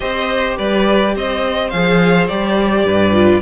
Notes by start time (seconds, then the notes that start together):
0.00 C4 G4 C5 D#5
0.57 G3 B4 D5
1.15 C4 C5 D#5
1.69 F3 G#4 F5
2.27 G3 G4 D5
2.84 G2 B4
3.12 F4